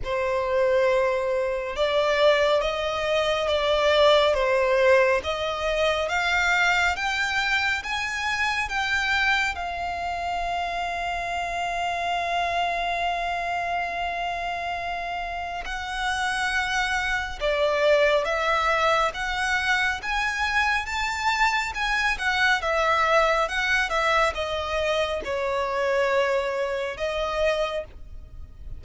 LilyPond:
\new Staff \with { instrumentName = "violin" } { \time 4/4 \tempo 4 = 69 c''2 d''4 dis''4 | d''4 c''4 dis''4 f''4 | g''4 gis''4 g''4 f''4~ | f''1~ |
f''2 fis''2 | d''4 e''4 fis''4 gis''4 | a''4 gis''8 fis''8 e''4 fis''8 e''8 | dis''4 cis''2 dis''4 | }